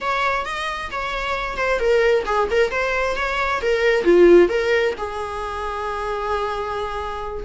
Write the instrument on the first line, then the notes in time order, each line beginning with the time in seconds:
viola
0.00 C#5
0.45 D#5
0.91 C#5
1.56 C5
1.79 A#4
2.25 G#4
2.50 A#4
2.71 C5
3.16 C#5
3.61 A#4
4.04 F4
4.48 A#4
4.97 G#4